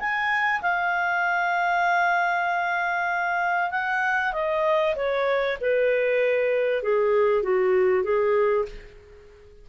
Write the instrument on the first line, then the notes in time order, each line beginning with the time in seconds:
clarinet
0.00 G#5
0.62 F5
3.71 F#5
4.33 D#5
4.96 C#5
5.61 B4
6.83 G#4
7.43 F#4
8.04 G#4